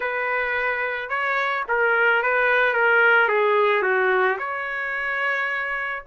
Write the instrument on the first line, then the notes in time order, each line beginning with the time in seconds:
trumpet
0.00 B4
1.09 C#5
1.68 A#4
2.23 B4
2.73 A#4
3.28 G#4
3.82 F#4
4.38 C#5